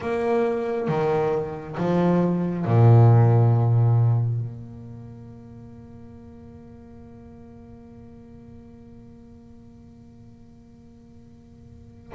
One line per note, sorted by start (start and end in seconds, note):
0.00 0.88 A#3
0.88 1.76 D#3
1.77 2.65 F3
2.65 4.40 A#2
4.40 12.12 A#3